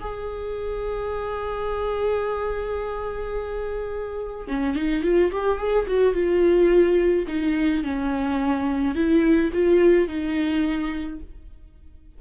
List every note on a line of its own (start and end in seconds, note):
0.00 4.48 G#4
4.48 4.75 C#4
4.75 5.03 D#4
5.03 5.31 F4
5.32 5.58 G4
5.58 5.86 G#4
5.87 6.14 F#4
6.14 7.26 F4
7.27 7.83 D#4
7.83 8.95 C#4
8.95 9.51 E4
9.53 10.07 F4
10.07 11.19 D#4